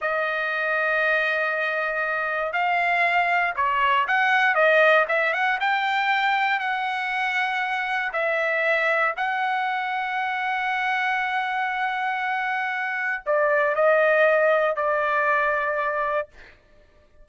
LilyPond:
\new Staff \with { instrumentName = "trumpet" } { \time 4/4 \tempo 4 = 118 dis''1~ | dis''4 f''2 cis''4 | fis''4 dis''4 e''8 fis''8 g''4~ | g''4 fis''2. |
e''2 fis''2~ | fis''1~ | fis''2 d''4 dis''4~ | dis''4 d''2. | }